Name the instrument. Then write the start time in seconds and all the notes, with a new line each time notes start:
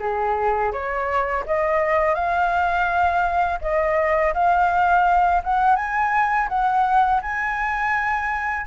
flute
0.00 G#4
0.73 C#5
1.47 D#5
2.15 F5
3.62 D#5
4.34 F5
5.44 F#5
5.76 G#5
6.49 F#5
7.22 G#5